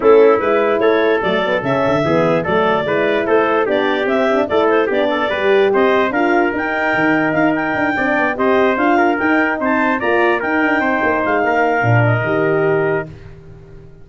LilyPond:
<<
  \new Staff \with { instrumentName = "clarinet" } { \time 4/4 \tempo 4 = 147 a'4 b'4 cis''4 d''4 | e''2 d''2 | c''4 d''4 e''4 d''8 c''8 | d''2 dis''4 f''4 |
g''2 f''8 g''4.~ | g''8 dis''4 f''4 g''4 a''8~ | a''8 ais''4 g''2 f''8~ | f''4. dis''2~ dis''8 | }
  \new Staff \with { instrumentName = "trumpet" } { \time 4/4 e'2 a'2~ | a'4 gis'4 a'4 b'4 | a'4 g'2 a'4 | g'8 a'8 b'4 c''4 ais'4~ |
ais'2.~ ais'8 d''8~ | d''8 c''4. ais'4. c''8~ | c''8 d''4 ais'4 c''4. | ais'1 | }
  \new Staff \with { instrumentName = "horn" } { \time 4/4 cis'4 e'2 a8 b8 | cis'4 b4 a4 e'4~ | e'4 d'4 c'8 d'8 e'4 | d'4 g'2 f'4 |
dis'2.~ dis'8 d'8~ | d'8 g'4 f'4 dis'4.~ | dis'8 f'4 dis'2~ dis'8~ | dis'4 d'4 g'2 | }
  \new Staff \with { instrumentName = "tuba" } { \time 4/4 a4 gis4 a4 fis4 | cis8 d8 e4 fis4 gis4 | a4 b4 c'4 a4 | b4 g4 c'4 d'4 |
dis'4 dis4 dis'4 d'8 c'8 | b8 c'4 d'4 dis'4 c'8~ | c'8 ais4 dis'8 d'8 c'8 ais8 gis8 | ais4 ais,4 dis2 | }
>>